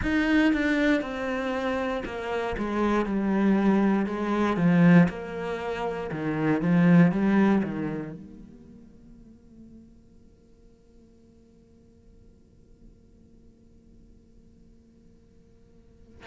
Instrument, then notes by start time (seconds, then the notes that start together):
cello
0.02 D#4
0.53 D4
1.01 C4
2.05 A#3
2.57 G#3
3.05 G3
4.05 G#3
4.57 F3
5.08 A#3
6.11 D#3
6.61 F3
7.11 G3
7.63 D#3
8.13 A#3